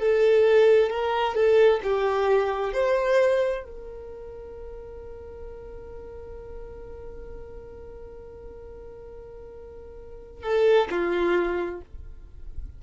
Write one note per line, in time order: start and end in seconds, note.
0.00 0.90 A4
0.90 1.35 A#4
1.35 1.81 A4
1.83 2.74 G4
2.74 3.64 C5
3.64 10.43 A#4
10.43 10.88 A4
10.91 11.82 F4